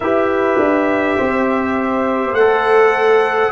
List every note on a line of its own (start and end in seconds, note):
0.00 0.58 E4
0.00 2.37 G4
0.00 1.17 B4
0.00 2.34 E5
0.58 1.17 D4
1.17 2.32 C4
1.17 3.51 C5
2.32 3.49 A3
2.32 3.51 F#5
2.39 3.51 A4